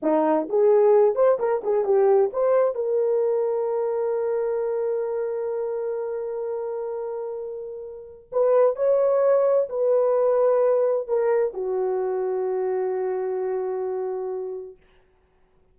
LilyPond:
\new Staff \with { instrumentName = "horn" } { \time 4/4 \tempo 4 = 130 dis'4 gis'4. c''8 ais'8 gis'8 | g'4 c''4 ais'2~ | ais'1~ | ais'1~ |
ais'2 b'4 cis''4~ | cis''4 b'2. | ais'4 fis'2.~ | fis'1 | }